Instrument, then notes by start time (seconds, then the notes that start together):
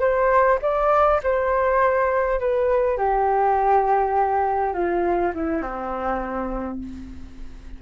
flute
0.00 C5
0.62 D5
1.23 C5
2.40 B4
2.98 G4
4.74 F4
5.34 E4
5.62 C4